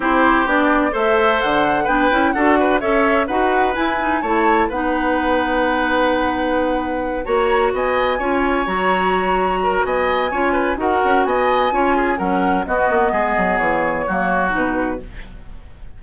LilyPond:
<<
  \new Staff \with { instrumentName = "flute" } { \time 4/4 \tempo 4 = 128 c''4 d''4 e''4 fis''4 | g''4 fis''4 e''4 fis''4 | gis''4 a''4 fis''2~ | fis''2.~ fis''8 ais''8~ |
ais''8 gis''2 ais''4.~ | ais''4 gis''2 fis''4 | gis''2 fis''4 dis''4~ | dis''4 cis''2 b'4 | }
  \new Staff \with { instrumentName = "oboe" } { \time 4/4 g'2 c''2 | b'4 a'8 b'8 cis''4 b'4~ | b'4 cis''4 b'2~ | b'2.~ b'8 cis''8~ |
cis''8 dis''4 cis''2~ cis''8~ | cis''8 ais'8 dis''4 cis''8 b'8 ais'4 | dis''4 cis''8 gis'8 ais'4 fis'4 | gis'2 fis'2 | }
  \new Staff \with { instrumentName = "clarinet" } { \time 4/4 e'4 d'4 a'2 | d'8 e'8 fis'4 a'4 fis'4 | e'8 dis'8 e'4 dis'2~ | dis'2.~ dis'8 fis'8~ |
fis'4. f'4 fis'4.~ | fis'2 f'4 fis'4~ | fis'4 f'4 cis'4 b4~ | b2 ais4 dis'4 | }
  \new Staff \with { instrumentName = "bassoon" } { \time 4/4 c'4 b4 a4 d4 | b8 cis'8 d'4 cis'4 dis'4 | e'4 a4 b2~ | b2.~ b8 ais8~ |
ais8 b4 cis'4 fis4.~ | fis4 b4 cis'4 dis'8 cis'8 | b4 cis'4 fis4 b8 ais8 | gis8 fis8 e4 fis4 b,4 | }
>>